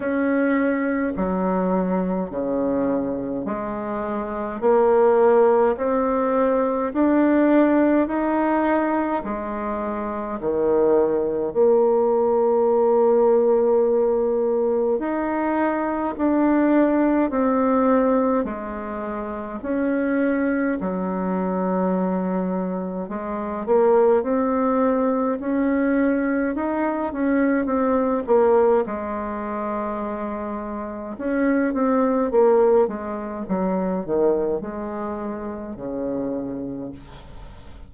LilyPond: \new Staff \with { instrumentName = "bassoon" } { \time 4/4 \tempo 4 = 52 cis'4 fis4 cis4 gis4 | ais4 c'4 d'4 dis'4 | gis4 dis4 ais2~ | ais4 dis'4 d'4 c'4 |
gis4 cis'4 fis2 | gis8 ais8 c'4 cis'4 dis'8 cis'8 | c'8 ais8 gis2 cis'8 c'8 | ais8 gis8 fis8 dis8 gis4 cis4 | }